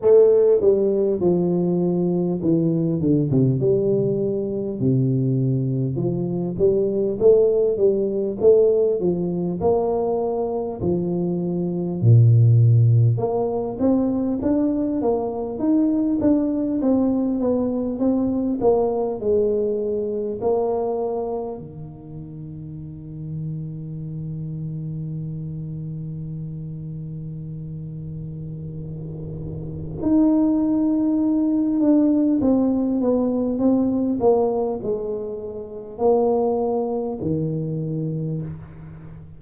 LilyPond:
\new Staff \with { instrumentName = "tuba" } { \time 4/4 \tempo 4 = 50 a8 g8 f4 e8 d16 c16 g4 | c4 f8 g8 a8 g8 a8 f8 | ais4 f4 ais,4 ais8 c'8 | d'8 ais8 dis'8 d'8 c'8 b8 c'8 ais8 |
gis4 ais4 dis2~ | dis1~ | dis4 dis'4. d'8 c'8 b8 | c'8 ais8 gis4 ais4 dis4 | }